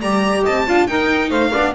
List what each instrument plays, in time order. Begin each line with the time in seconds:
0.00 double bass G3, viola G4, saxophone D5, violin A#5
0.43 double bass C4, saxophone D#5, violin A5
0.67 double bass D4, viola F4, saxophone F5
0.87 viola D#4, double bass D#4, saxophone A#4, violin G5
1.29 double bass A3, saxophone C5, violin F5
1.51 double bass B3, viola D4, saxophone D5